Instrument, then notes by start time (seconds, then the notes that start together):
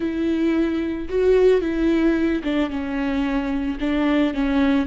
viola
0.00 E4
1.08 F#4
1.61 E4
2.43 D4
2.70 C#4
3.80 D4
4.34 C#4